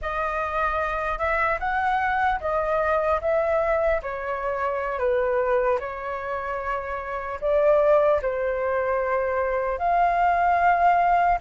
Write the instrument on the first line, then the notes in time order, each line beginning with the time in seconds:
flute
0.01 D#5
1.18 E5
1.59 F#5
2.40 D#5
3.21 E5
4.02 C#5
4.99 B4
5.79 C#5
7.40 D5
8.22 C5
9.78 F5